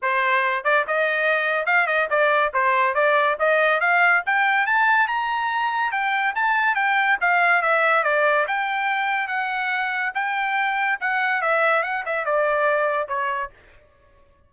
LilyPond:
\new Staff \with { instrumentName = "trumpet" } { \time 4/4 \tempo 4 = 142 c''4. d''8 dis''2 | f''8 dis''8 d''4 c''4 d''4 | dis''4 f''4 g''4 a''4 | ais''2 g''4 a''4 |
g''4 f''4 e''4 d''4 | g''2 fis''2 | g''2 fis''4 e''4 | fis''8 e''8 d''2 cis''4 | }